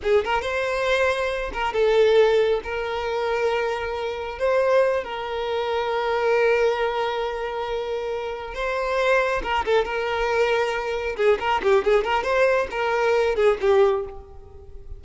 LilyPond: \new Staff \with { instrumentName = "violin" } { \time 4/4 \tempo 4 = 137 gis'8 ais'8 c''2~ c''8 ais'8 | a'2 ais'2~ | ais'2 c''4. ais'8~ | ais'1~ |
ais'2.~ ais'8 c''8~ | c''4. ais'8 a'8 ais'4.~ | ais'4. gis'8 ais'8 g'8 gis'8 ais'8 | c''4 ais'4. gis'8 g'4 | }